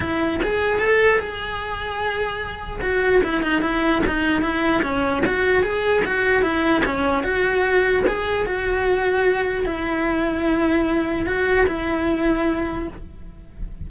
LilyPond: \new Staff \with { instrumentName = "cello" } { \time 4/4 \tempo 4 = 149 e'4 gis'4 a'4 gis'4~ | gis'2. fis'4 | e'8 dis'8 e'4 dis'4 e'4 | cis'4 fis'4 gis'4 fis'4 |
e'4 cis'4 fis'2 | gis'4 fis'2. | e'1 | fis'4 e'2. | }